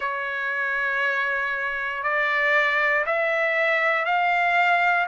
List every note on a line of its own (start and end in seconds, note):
0.00 2.03 C#5
2.03 3.05 D5
3.06 4.04 E5
4.04 5.06 F5